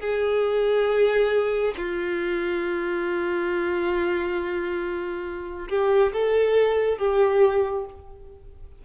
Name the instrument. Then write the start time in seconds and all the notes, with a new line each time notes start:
violin
0.00 G#4
1.77 F4
5.69 G4
6.13 A4
6.98 G4